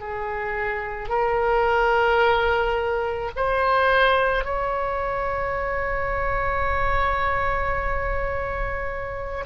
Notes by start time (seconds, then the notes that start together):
0.00 G#4
1.09 A#4
3.36 C5
4.44 C#5